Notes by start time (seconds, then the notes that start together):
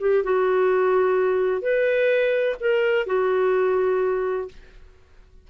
0.00 G4
0.24 F#4
1.61 B4
2.60 A#4
3.06 F#4